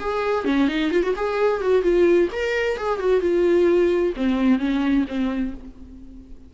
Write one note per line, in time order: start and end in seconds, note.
0.00 0.45 G#4
0.45 0.68 C#4
0.68 0.91 D#4
0.91 1.03 F4
1.03 1.15 F#4
1.16 1.61 G#4
1.61 1.83 F#4
1.83 2.29 F4
2.33 2.77 A#4
2.77 2.99 G#4
2.99 3.21 F#4
3.21 4.13 F4
4.16 4.59 C4
4.59 5.05 C#4
5.08 5.54 C4